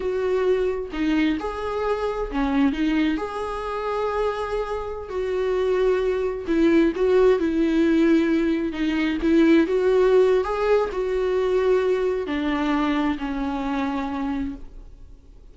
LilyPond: \new Staff \with { instrumentName = "viola" } { \time 4/4 \tempo 4 = 132 fis'2 dis'4 gis'4~ | gis'4 cis'4 dis'4 gis'4~ | gis'2.~ gis'16 fis'8.~ | fis'2~ fis'16 e'4 fis'8.~ |
fis'16 e'2. dis'8.~ | dis'16 e'4 fis'4.~ fis'16 gis'4 | fis'2. d'4~ | d'4 cis'2. | }